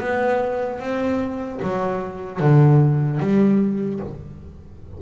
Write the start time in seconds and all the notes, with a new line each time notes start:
0.00 B3
0.80 C4
1.62 F#3
2.40 D3
3.20 G3